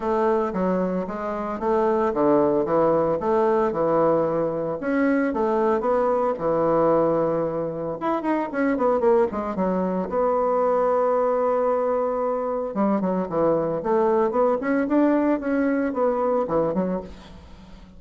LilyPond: \new Staff \with { instrumentName = "bassoon" } { \time 4/4 \tempo 4 = 113 a4 fis4 gis4 a4 | d4 e4 a4 e4~ | e4 cis'4 a4 b4 | e2. e'8 dis'8 |
cis'8 b8 ais8 gis8 fis4 b4~ | b1 | g8 fis8 e4 a4 b8 cis'8 | d'4 cis'4 b4 e8 fis8 | }